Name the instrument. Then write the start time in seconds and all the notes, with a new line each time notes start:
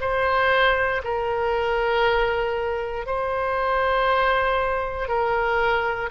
oboe
0.00 C5
1.04 A#4
3.06 C5
5.08 A#4